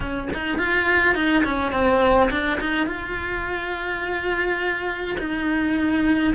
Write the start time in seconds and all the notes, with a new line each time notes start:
0.00 C#4
0.33 D#4
0.58 F4
1.15 D#4
1.44 C#4
1.72 C4
2.30 D4
2.60 D#4
2.86 F4
5.18 D#4